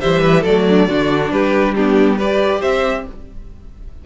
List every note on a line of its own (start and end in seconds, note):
0.00 0.44 E3
0.00 0.45 G3
0.00 0.22 C5
0.00 0.43 E5
0.22 0.41 B4
0.41 0.87 F#3
0.41 0.89 A3
0.41 0.62 A4
0.41 1.31 D5
0.68 0.88 D4
0.87 1.31 D3
0.87 1.76 D4
0.87 1.32 F#4
1.31 2.62 G3
1.31 1.75 G4
1.31 1.74 B4
1.74 2.19 B3
1.74 2.16 D4
1.74 2.18 G4
2.16 3.06 G4
2.16 2.60 B4
2.16 2.61 D5
2.60 3.06 C4
2.60 3.03 C5
2.60 3.05 E5